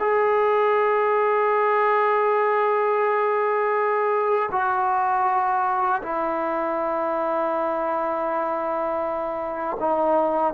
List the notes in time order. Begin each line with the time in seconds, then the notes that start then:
0.00 G#4
4.52 F#4
6.03 E4
9.80 D#4